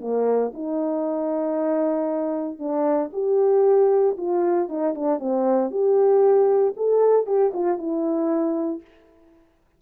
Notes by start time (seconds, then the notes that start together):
0.00 A#3
0.53 D#4
2.58 D4
3.12 G4
4.17 F4
4.68 D#4
4.94 D4
5.19 C4
5.70 G4
6.76 A4
7.26 G4
7.53 F4
7.78 E4